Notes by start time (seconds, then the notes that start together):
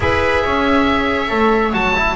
0.00 E4 G#4 B4 E5
0.44 C#4 C#5
1.28 A3 A4
1.72 F#3 F#4 A5
1.95 E4